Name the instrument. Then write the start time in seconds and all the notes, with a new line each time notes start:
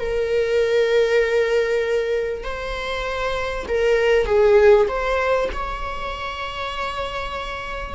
viola
0.00 A#4
2.44 C5
3.68 A#4
4.26 G#4
4.88 C5
5.53 C#5